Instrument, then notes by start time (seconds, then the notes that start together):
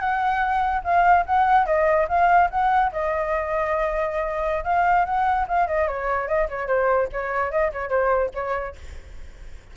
flute
0.00 F#5
0.84 F5
1.26 F#5
1.66 D#5
2.09 F5
2.51 F#5
2.92 D#5
4.64 F5
5.05 F#5
5.48 F5
5.67 D#5
5.88 C#5
6.28 D#5
6.50 C#5
6.67 C5
7.13 C#5
7.51 D#5
7.73 C#5
7.90 C5
8.35 C#5